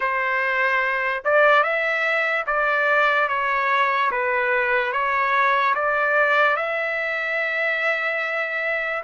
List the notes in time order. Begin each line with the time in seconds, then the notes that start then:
0.00 C5
1.24 D5
1.63 E5
2.46 D5
3.28 C#5
4.11 B4
4.92 C#5
5.75 D5
6.56 E5